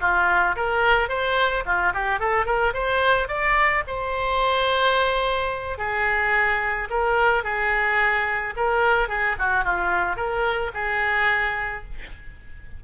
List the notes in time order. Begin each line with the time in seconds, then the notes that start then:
0.00 F4
0.56 A#4
1.09 C5
1.65 F4
1.93 G4
2.19 A4
2.45 A#4
2.73 C5
3.28 D5
3.87 C5
5.78 G#4
6.90 A#4
7.43 G#4
8.56 A#4
9.08 G#4
9.38 F#4
9.64 F4
10.16 A#4
10.73 G#4